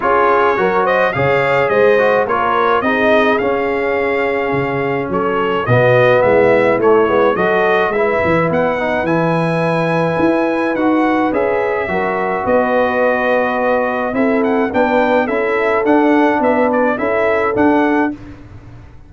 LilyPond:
<<
  \new Staff \with { instrumentName = "trumpet" } { \time 4/4 \tempo 4 = 106 cis''4. dis''8 f''4 dis''4 | cis''4 dis''4 f''2~ | f''4 cis''4 dis''4 e''4 | cis''4 dis''4 e''4 fis''4 |
gis''2. fis''4 | e''2 dis''2~ | dis''4 e''8 fis''8 g''4 e''4 | fis''4 e''8 d''8 e''4 fis''4 | }
  \new Staff \with { instrumentName = "horn" } { \time 4/4 gis'4 ais'8 c''8 cis''4 c''4 | ais'4 gis'2.~ | gis'4 a'4 fis'4 e'4~ | e'4 a'4 b'2~ |
b'1~ | b'4 ais'4 b'2~ | b'4 a'4 b'4 a'4~ | a'4 b'4 a'2 | }
  \new Staff \with { instrumentName = "trombone" } { \time 4/4 f'4 fis'4 gis'4. fis'8 | f'4 dis'4 cis'2~ | cis'2 b2 | a8 b8 fis'4 e'4. dis'8 |
e'2. fis'4 | gis'4 fis'2.~ | fis'4 e'4 d'4 e'4 | d'2 e'4 d'4 | }
  \new Staff \with { instrumentName = "tuba" } { \time 4/4 cis'4 fis4 cis4 gis4 | ais4 c'4 cis'2 | cis4 fis4 b,4 gis4 | a8 gis8 fis4 gis8 e8 b4 |
e2 e'4 dis'4 | cis'4 fis4 b2~ | b4 c'4 b4 cis'4 | d'4 b4 cis'4 d'4 | }
>>